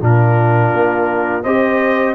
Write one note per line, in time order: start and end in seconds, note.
0.00 0.73 A#2
0.00 1.43 D4
0.00 1.43 F4
0.00 1.44 A#4
0.73 1.44 A#3
1.43 2.15 C4
1.43 2.15 G4
1.43 2.15 C5
1.43 2.15 D#5